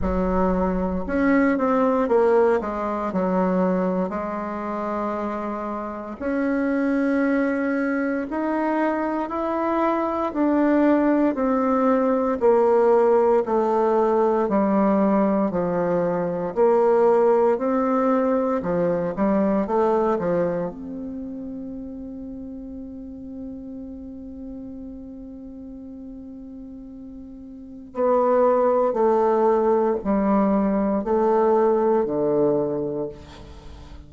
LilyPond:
\new Staff \with { instrumentName = "bassoon" } { \time 4/4 \tempo 4 = 58 fis4 cis'8 c'8 ais8 gis8 fis4 | gis2 cis'2 | dis'4 e'4 d'4 c'4 | ais4 a4 g4 f4 |
ais4 c'4 f8 g8 a8 f8 | c'1~ | c'2. b4 | a4 g4 a4 d4 | }